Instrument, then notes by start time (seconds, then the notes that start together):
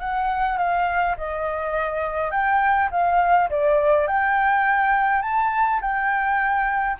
flute
0.00 F#5
0.58 F5
1.17 D#5
2.31 G5
2.91 F5
3.50 D5
4.08 G5
5.22 A5
5.81 G5